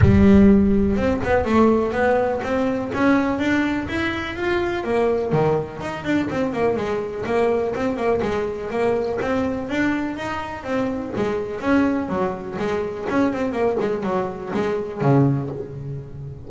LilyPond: \new Staff \with { instrumentName = "double bass" } { \time 4/4 \tempo 4 = 124 g2 c'8 b8 a4 | b4 c'4 cis'4 d'4 | e'4 f'4 ais4 dis4 | dis'8 d'8 c'8 ais8 gis4 ais4 |
c'8 ais8 gis4 ais4 c'4 | d'4 dis'4 c'4 gis4 | cis'4 fis4 gis4 cis'8 c'8 | ais8 gis8 fis4 gis4 cis4 | }